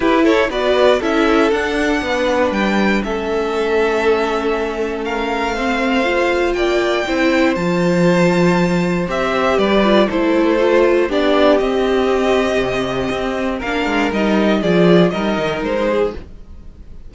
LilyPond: <<
  \new Staff \with { instrumentName = "violin" } { \time 4/4 \tempo 4 = 119 b'8 cis''8 d''4 e''4 fis''4~ | fis''4 g''4 e''2~ | e''2 f''2~ | f''4 g''2 a''4~ |
a''2 e''4 d''4 | c''2 d''4 dis''4~ | dis''2. f''4 | dis''4 d''4 dis''4 c''4 | }
  \new Staff \with { instrumentName = "violin" } { \time 4/4 g'8 a'8 b'4 a'2 | b'2 a'2~ | a'2 ais'4 c''4~ | c''4 d''4 c''2~ |
c''2. b'4 | a'2 g'2~ | g'2. ais'4~ | ais'4 gis'4 ais'4. gis'8 | }
  \new Staff \with { instrumentName = "viola" } { \time 4/4 e'4 fis'4 e'4 d'4~ | d'2 cis'2~ | cis'2. c'4 | f'2 e'4 f'4~ |
f'2 g'4. f'8 | e'4 f'4 d'4 c'4~ | c'2. d'4 | dis'4 f'4 dis'2 | }
  \new Staff \with { instrumentName = "cello" } { \time 4/4 e'4 b4 cis'4 d'4 | b4 g4 a2~ | a1~ | a4 ais4 c'4 f4~ |
f2 c'4 g4 | a2 b4 c'4~ | c'4 c4 c'4 ais8 gis8 | g4 f4 g8 dis8 gis4 | }
>>